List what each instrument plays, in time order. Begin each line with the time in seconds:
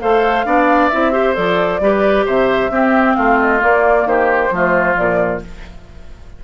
0.00 bassoon A3, clarinet A4, oboe C5, flute F5
0.45 bassoon B3, clarinet D4, oboe D5
0.89 bassoon C4, clarinet E4, flute E5
1.12 clarinet G4, oboe C5
1.34 bassoon F3, clarinet A4, flute D5
1.80 bassoon G3, clarinet G4, oboe B4
2.26 bassoon C3, oboe C5, flute E5
2.70 bassoon C4, clarinet C4, oboe G4
3.15 bassoon A3, oboe F4, flute F5
3.39 flute D#5
3.59 clarinet A#3, bassoon A#3, flute D5
4.05 bassoon D#3, oboe G4, flute C5
4.51 bassoon F3, clarinet A3, oboe F4
4.94 bassoon A#2, clarinet F3, flute D5